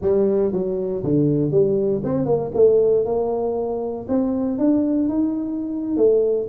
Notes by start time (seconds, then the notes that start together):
0.01 G3
0.52 F#3
1.03 D3
1.51 G3
2.03 C4
2.25 A#3
2.54 A3
3.05 A#3
4.08 C4
4.58 D4
5.08 D#4
5.96 A3